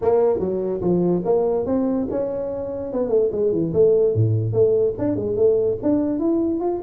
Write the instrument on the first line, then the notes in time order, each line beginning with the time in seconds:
tuba
0.01 A#3
0.39 F#3
0.81 F3
1.25 A#3
1.66 C4
2.10 C#4
2.92 B3
3.08 A3
3.31 G#3
3.52 E3
3.73 A3
4.14 A2
4.52 A3
4.98 D4
5.16 G#3
5.36 A3
5.82 D4
6.19 E4
6.60 F4